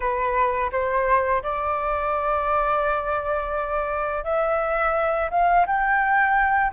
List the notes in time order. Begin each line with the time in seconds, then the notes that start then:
0.00 B4
0.72 C5
1.42 D5
4.24 E5
5.30 F5
5.66 G5